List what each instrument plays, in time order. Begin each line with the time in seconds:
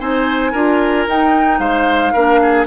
0.00 bassoon C4, clarinet D#4, oboe C5, flute G#5
0.52 bassoon D4, clarinet F4, oboe A#4
1.08 bassoon D#4, clarinet D#4, flute G5
1.59 bassoon G#3, oboe C5, flute F5
2.13 bassoon A#3, clarinet D4, oboe A#4
2.42 oboe G#4